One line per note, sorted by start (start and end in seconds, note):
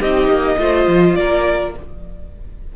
0.00 0.28 C4
0.00 0.59 D#4
0.00 0.57 G4
0.00 1.16 D#5
0.28 0.57 A#3
0.59 0.87 A3
0.59 1.73 F4
0.59 1.18 C5
0.87 1.16 F3
1.16 1.74 A#3
1.16 1.76 A#4
1.16 1.73 D5